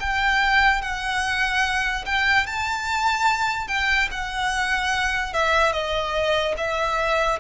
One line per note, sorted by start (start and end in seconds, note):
0.00 0.82 G5
0.82 2.05 F#5
2.05 2.47 G5
2.47 3.68 A5
3.68 4.09 G5
4.11 5.33 F#5
5.33 5.73 E5
5.73 6.55 D#5
6.57 7.39 E5